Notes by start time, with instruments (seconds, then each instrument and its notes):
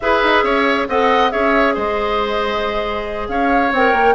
0.00 bassoon E4, clarinet G#4, oboe B4, flute E5
0.23 bassoon D#4
0.43 bassoon C#4, oboe C#5
0.88 bassoon C4, clarinet A4, oboe D#5, flute F#5
1.30 bassoon C#4, clarinet G#4, oboe C#5, flute E5
1.74 bassoon G#3, oboe C5, flute D#5
3.28 bassoon C#4, oboe C#5, flute F5
3.72 bassoon C4, clarinet A#4, flute G5
3.92 bassoon A#3